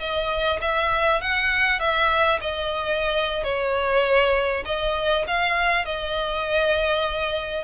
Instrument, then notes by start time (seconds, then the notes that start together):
violin
0.00 D#5
0.62 E5
1.22 F#5
1.80 E5
2.41 D#5
3.44 C#5
4.66 D#5
5.27 F5
5.86 D#5